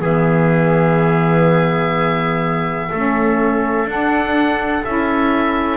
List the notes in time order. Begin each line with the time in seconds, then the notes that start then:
0.00 E3 B3 G#4 E5
2.91 A3 C#4 A4
3.86 D4 F#5
4.85 C#4 E4 E5